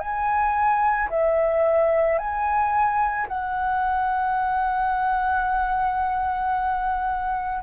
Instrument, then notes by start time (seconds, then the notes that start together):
flute
0.00 G#5
1.10 E5
2.19 G#5
3.28 F#5